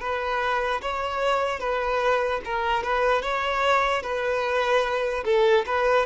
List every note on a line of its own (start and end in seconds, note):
0.00 0.81 B4
0.81 1.60 C#5
1.60 2.41 B4
2.45 2.83 A#4
2.83 3.22 B4
3.22 4.02 C#5
4.02 5.24 B4
5.24 5.65 A4
5.66 6.06 B4